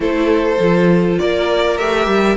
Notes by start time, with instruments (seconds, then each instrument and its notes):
0.00 cello A3, viola E4, violin A4 C5
0.59 cello F3, viola F4
1.18 cello A#3, violin A#4 D5
1.77 cello A3, viola G4, violin E5
2.07 cello G3